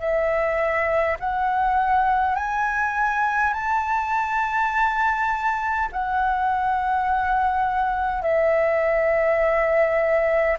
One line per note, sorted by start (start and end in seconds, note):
0.00 1.18 E5
1.20 2.36 F#5
2.36 3.53 G#5
3.53 5.89 A5
5.93 8.22 F#5
8.22 10.58 E5